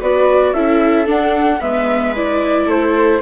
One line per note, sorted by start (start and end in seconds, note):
0.00 0.54 B3
0.00 0.55 F#4
0.00 0.53 B4
0.00 0.54 D5
0.53 1.07 C#4
0.53 1.06 E4
0.53 1.60 A4
0.53 1.07 E5
1.06 1.60 D4
1.06 1.61 D4
1.06 1.61 F#5
1.60 2.67 G#3
1.60 2.15 B3
1.60 2.66 B4
1.60 2.15 E5
2.16 3.22 E4
2.16 2.69 D5
2.66 3.21 A3
2.66 3.20 A4
2.66 3.22 C5